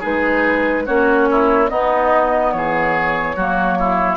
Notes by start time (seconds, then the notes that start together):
0.00 G#3 D#4 G#4 B4
0.86 A#3 C#4 F#4 C#5
1.31 E4
1.69 B3 D#4 D#5
2.52 E3 G#4 C#5
3.36 F#3 A#3 F#4
3.79 E4